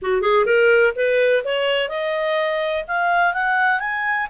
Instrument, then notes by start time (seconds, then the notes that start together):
clarinet
0.02 F#4
0.21 G#4
0.45 A#4
0.95 B4
1.44 C#5
1.88 D#5
2.87 F5
3.33 F#5
3.79 G#5